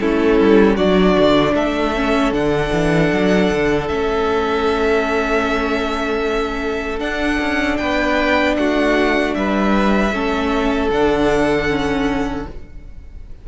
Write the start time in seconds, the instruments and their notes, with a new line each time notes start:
0.00 cello A3, viola C#4, violin E4 A4
0.40 cello G3
0.75 cello F#3, viola D4, violin F#4 D5
1.18 cello D3
1.54 cello A3, violin A4 E5
1.95 viola C#4
2.31 cello D3, viola D4, violin F#5
2.72 cello E3
3.12 cello F#3
3.51 cello D3
3.87 cello A3, viola C#4, violin E5
6.99 viola D4, cello D4, violin F#5
7.40 cello C#4
7.77 cello B3, violin B4 G5
8.56 cello A3, violin F#4 F#5
9.34 cello G3, violin B4 E5
10.12 cello A3, viola C#4, violin A4
10.90 cello D3, viola D4, violin F#5
11.68 viola C#4